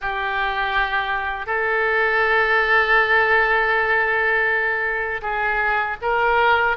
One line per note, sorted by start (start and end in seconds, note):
0.01 1.46 G4
1.46 5.21 A4
5.22 5.97 G#4
6.01 6.76 A#4